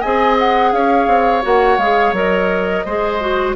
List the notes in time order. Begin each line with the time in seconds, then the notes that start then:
0.00 C4 G#4 D#5 G#5
0.38 F#5
0.72 C#4 C#5 F5
1.07 C4
1.42 A#3 F#4 F#5
1.77 G#3 G#4 F5
2.12 F#3 A#4 D#5
2.85 G#3 G#4 C5
3.20 F#4